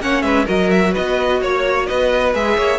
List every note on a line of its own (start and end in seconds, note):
0.00 0.23 A#3
0.00 0.46 C#4
0.00 0.24 C#5
0.00 0.22 F#5
0.22 0.46 G#3
0.22 0.45 B4
0.22 0.46 E5
0.45 0.96 F#3
0.45 2.33 F#4
0.45 0.92 A#4
0.45 0.70 D#5
0.70 0.94 E5
0.92 1.42 B3
0.92 1.39 B4
0.92 1.42 D#5
1.42 1.88 A#3
1.42 1.88 C#5
1.42 1.87 C#5
1.87 2.34 B3
1.87 2.56 B4
1.87 2.33 D#5
2.34 2.58 G#3
2.34 2.79 G#4
2.34 2.79 E5
2.56 2.79 A#3
2.56 2.79 C#5